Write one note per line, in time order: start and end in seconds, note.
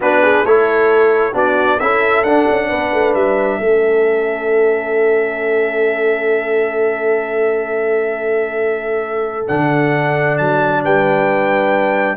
0.00 0.44 B3
0.00 0.46 D4
0.00 0.22 F#4
0.00 0.45 B4
0.22 0.44 G#4
0.44 1.34 A3
0.44 1.33 E4
0.44 1.33 A4
0.44 1.35 C#5
1.33 1.79 B3
1.33 1.78 D4
1.33 1.78 F#4
1.33 1.79 D5
1.79 2.23 C#4
1.79 2.26 E4
1.79 2.68 A4
1.79 2.23 E5
2.23 2.45 D4
2.23 3.61 D4
2.23 3.14 F#5
2.48 2.71 C#4
2.68 2.93 B3
2.68 3.59 B4
2.93 3.14 A3
3.14 3.59 G3
3.14 9.46 E5
3.59 9.46 A3
3.59 9.47 C#4
3.59 10.81 A4
9.47 10.39 D3
9.47 12.16 D4
9.47 10.37 F#5
10.37 10.84 F#3
10.37 10.82 A5
10.84 12.16 G3
10.84 12.16 B4
10.84 12.16 G5